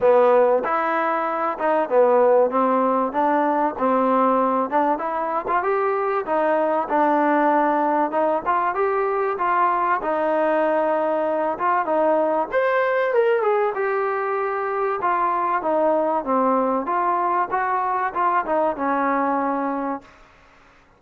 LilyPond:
\new Staff \with { instrumentName = "trombone" } { \time 4/4 \tempo 4 = 96 b4 e'4. dis'8 b4 | c'4 d'4 c'4. d'8 | e'8. f'16 g'4 dis'4 d'4~ | d'4 dis'8 f'8 g'4 f'4 |
dis'2~ dis'8 f'8 dis'4 | c''4 ais'8 gis'8 g'2 | f'4 dis'4 c'4 f'4 | fis'4 f'8 dis'8 cis'2 | }